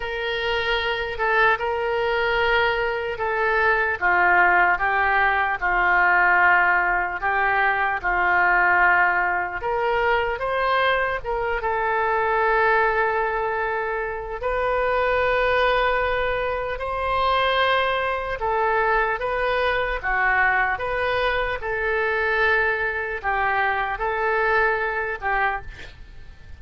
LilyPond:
\new Staff \with { instrumentName = "oboe" } { \time 4/4 \tempo 4 = 75 ais'4. a'8 ais'2 | a'4 f'4 g'4 f'4~ | f'4 g'4 f'2 | ais'4 c''4 ais'8 a'4.~ |
a'2 b'2~ | b'4 c''2 a'4 | b'4 fis'4 b'4 a'4~ | a'4 g'4 a'4. g'8 | }